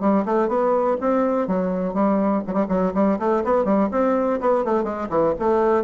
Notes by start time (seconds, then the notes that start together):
0.00 G3
0.25 A3
0.48 B3
1.00 C4
1.47 F#3
1.94 G3
2.47 F#3
2.53 G3
2.68 F#3
2.94 G3
3.19 A3
3.44 B3
3.64 G3
3.91 C4
4.40 B3
4.65 A3
4.84 G#3
5.09 E3
5.39 A3